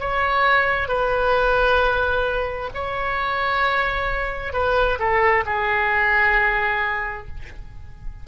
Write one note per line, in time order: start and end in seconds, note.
0.00 0.88 C#5
0.88 2.70 B4
2.74 4.53 C#5
4.53 4.98 B4
4.99 5.44 A4
5.45 7.27 G#4